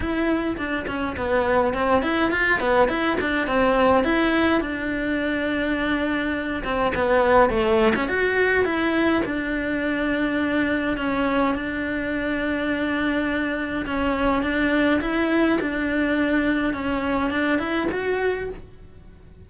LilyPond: \new Staff \with { instrumentName = "cello" } { \time 4/4 \tempo 4 = 104 e'4 d'8 cis'8 b4 c'8 e'8 | f'8 b8 e'8 d'8 c'4 e'4 | d'2.~ d'8 c'8 | b4 a8. cis'16 fis'4 e'4 |
d'2. cis'4 | d'1 | cis'4 d'4 e'4 d'4~ | d'4 cis'4 d'8 e'8 fis'4 | }